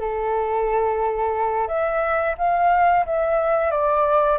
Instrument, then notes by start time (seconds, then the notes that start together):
flute
0.00 A4
1.68 E5
2.38 F5
3.06 E5
3.71 D5